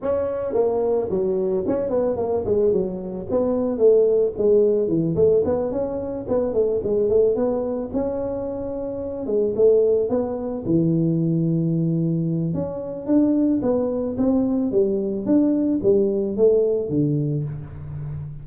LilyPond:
\new Staff \with { instrumentName = "tuba" } { \time 4/4 \tempo 4 = 110 cis'4 ais4 fis4 cis'8 b8 | ais8 gis8 fis4 b4 a4 | gis4 e8 a8 b8 cis'4 b8 | a8 gis8 a8 b4 cis'4.~ |
cis'4 gis8 a4 b4 e8~ | e2. cis'4 | d'4 b4 c'4 g4 | d'4 g4 a4 d4 | }